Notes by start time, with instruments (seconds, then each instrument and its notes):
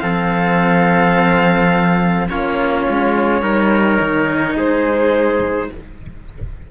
0.00 cello F3 C4, trumpet A4, violin F5
2.29 cello A#3 C#4, trumpet F4, violin C#5
2.90 cello G#3
3.42 cello G3 D#4, trumpet A#4
4.01 cello D#3
4.57 cello G#3, trumpet G#4, violin C5